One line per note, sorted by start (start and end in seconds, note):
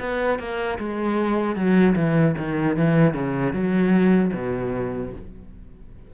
0.00 0.39 B3
0.39 0.78 A#3
0.79 1.56 G#3
1.56 1.95 F#3
1.96 2.35 E3
2.38 2.77 D#3
2.77 3.14 E3
3.14 3.53 C#3
3.53 4.32 F#3
4.33 5.12 B2